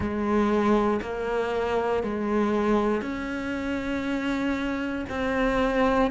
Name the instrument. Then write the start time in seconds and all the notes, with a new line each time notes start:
cello
0.00 G#3
1.01 A#3
2.03 G#3
3.01 C#4
5.09 C4